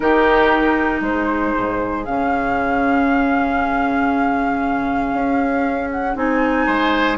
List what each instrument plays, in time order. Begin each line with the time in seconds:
0.00 bassoon D#3, clarinet D#4, oboe G4, flute A#4
1.01 bassoon G#3, oboe G#4, flute C5
1.57 bassoon G#2
2.05 bassoon C#3, clarinet C#4, flute F5
5.12 bassoon C#4
5.90 flute F#5
6.15 bassoon C4, clarinet D#4, flute G#5
6.66 bassoon G#3, oboe C5